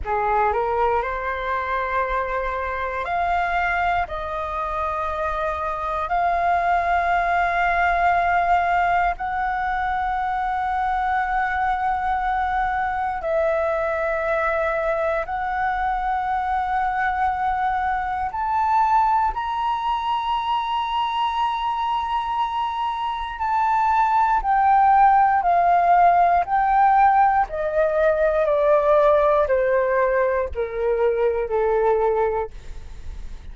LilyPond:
\new Staff \with { instrumentName = "flute" } { \time 4/4 \tempo 4 = 59 gis'8 ais'8 c''2 f''4 | dis''2 f''2~ | f''4 fis''2.~ | fis''4 e''2 fis''4~ |
fis''2 a''4 ais''4~ | ais''2. a''4 | g''4 f''4 g''4 dis''4 | d''4 c''4 ais'4 a'4 | }